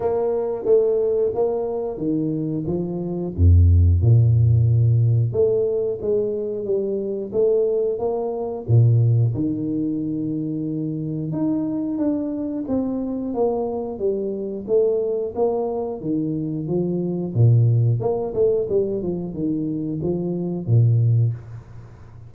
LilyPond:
\new Staff \with { instrumentName = "tuba" } { \time 4/4 \tempo 4 = 90 ais4 a4 ais4 dis4 | f4 f,4 ais,2 | a4 gis4 g4 a4 | ais4 ais,4 dis2~ |
dis4 dis'4 d'4 c'4 | ais4 g4 a4 ais4 | dis4 f4 ais,4 ais8 a8 | g8 f8 dis4 f4 ais,4 | }